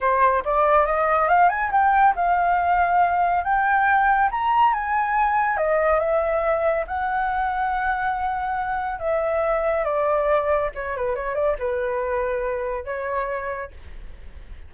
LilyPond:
\new Staff \with { instrumentName = "flute" } { \time 4/4 \tempo 4 = 140 c''4 d''4 dis''4 f''8 gis''8 | g''4 f''2. | g''2 ais''4 gis''4~ | gis''4 dis''4 e''2 |
fis''1~ | fis''4 e''2 d''4~ | d''4 cis''8 b'8 cis''8 d''8 b'4~ | b'2 cis''2 | }